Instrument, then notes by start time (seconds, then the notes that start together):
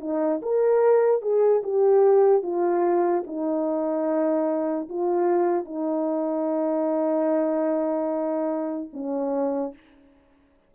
horn
0.00 D#4
0.42 A#4
1.22 G#4
1.63 G4
2.43 F4
3.27 D#4
4.89 F4
5.65 D#4
8.93 C#4